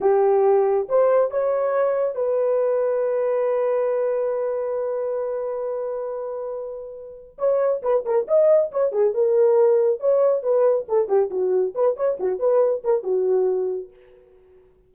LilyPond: \new Staff \with { instrumentName = "horn" } { \time 4/4 \tempo 4 = 138 g'2 c''4 cis''4~ | cis''4 b'2.~ | b'1~ | b'1~ |
b'4 cis''4 b'8 ais'8 dis''4 | cis''8 gis'8 ais'2 cis''4 | b'4 a'8 g'8 fis'4 b'8 cis''8 | fis'8 b'4 ais'8 fis'2 | }